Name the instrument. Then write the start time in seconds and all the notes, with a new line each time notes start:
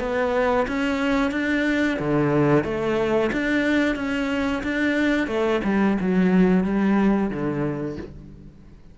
cello
0.00 B3
0.68 C#4
1.32 D4
2.00 D3
2.65 A3
3.33 D4
3.96 C#4
4.63 D4
5.28 A3
5.65 G3
6.01 F#3
6.65 G3
7.31 D3